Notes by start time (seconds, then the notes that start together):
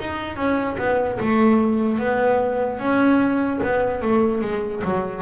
0.00 D#4
0.36 C#4
0.78 B3
1.20 A3
1.98 B3
2.79 C#4
3.63 B3
4.01 A3
4.41 G#3
4.84 F#3